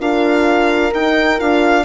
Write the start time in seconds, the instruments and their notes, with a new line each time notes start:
0.00 bassoon D4, horn F4 A#4, violin F5
0.93 bassoon D#4, horn D#4, violin G5
1.38 bassoon D4, horn F4, violin F5